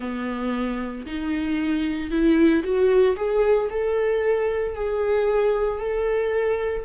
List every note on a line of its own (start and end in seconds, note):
0.00 1.05 B3
1.06 2.11 D#4
2.11 2.63 E4
2.63 3.16 F#4
3.16 3.68 G#4
3.70 4.75 A4
4.75 5.79 G#4
5.79 6.84 A4